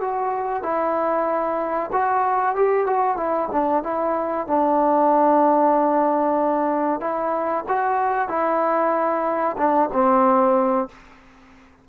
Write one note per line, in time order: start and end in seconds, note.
0.00 0.62 F#4
0.62 1.90 E4
1.92 2.55 F#4
2.55 2.86 G4
2.86 3.16 F#4
3.16 3.48 E4
3.51 3.83 D4
3.83 4.47 E4
4.47 7.00 D4
7.00 7.64 E4
7.68 8.28 F#4
8.28 9.56 E4
9.57 9.89 D4
9.92 10.88 C4